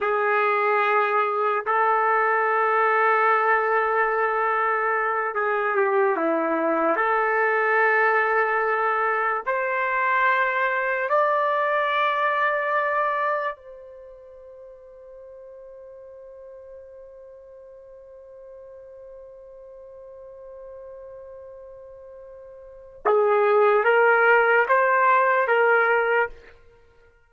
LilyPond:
\new Staff \with { instrumentName = "trumpet" } { \time 4/4 \tempo 4 = 73 gis'2 a'2~ | a'2~ a'8 gis'8 g'8 e'8~ | e'8 a'2. c''8~ | c''4. d''2~ d''8~ |
d''8 c''2.~ c''8~ | c''1~ | c''1 | gis'4 ais'4 c''4 ais'4 | }